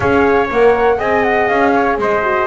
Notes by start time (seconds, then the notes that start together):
0.00 C#4 G#4 C#5 F5
0.50 A#3 A#4 F#5
0.97 C4 G#4 D#5 G#5
1.23 F#5
1.48 C#4 F5
1.74 C#5
1.98 G#3 C5 D#5
2.23 F#4